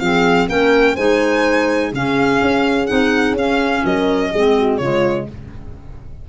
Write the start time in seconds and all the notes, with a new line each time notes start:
0.00 F3 C4 G#4 F5
0.49 A#3 C#4 A#4 G5
0.94 G#3 D#4 C5 G#5
1.93 C#3 C#4 G#4 F5
2.42 C#4
2.87 C4 D#4 F#5
3.32 C#4
3.38 F5
3.85 F#3 A#4 D#5
4.31 G#3 C4 G#4
4.58 F#4
4.78 C#3 G#3 F4 C#5